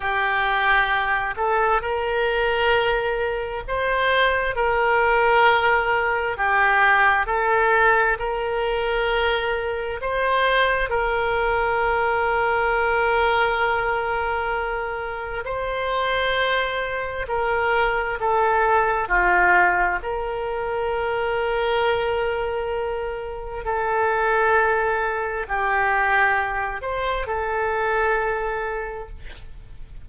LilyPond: \new Staff \with { instrumentName = "oboe" } { \time 4/4 \tempo 4 = 66 g'4. a'8 ais'2 | c''4 ais'2 g'4 | a'4 ais'2 c''4 | ais'1~ |
ais'4 c''2 ais'4 | a'4 f'4 ais'2~ | ais'2 a'2 | g'4. c''8 a'2 | }